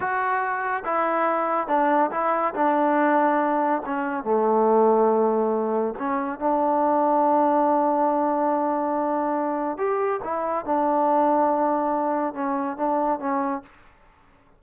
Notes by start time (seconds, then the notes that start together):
0.00 F#4
0.85 E4
1.67 D4
2.11 E4
2.54 D4
3.85 C#4
4.24 A3
5.98 C#4
6.39 D4
9.77 G4
10.24 E4
10.65 D4
12.34 C#4
12.77 D4
13.19 C#4